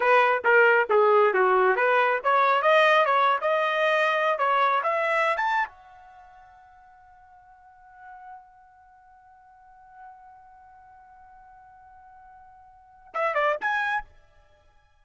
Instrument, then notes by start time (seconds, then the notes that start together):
trumpet
0.00 B4
0.44 A#4
0.89 G#4
1.33 F#4
1.76 B4
2.23 C#5
2.62 D#5
3.05 C#5
3.41 D#5
4.38 C#5
4.83 E5
5.36 A5
5.68 F#5
13.13 E5
13.34 D5
13.60 G#5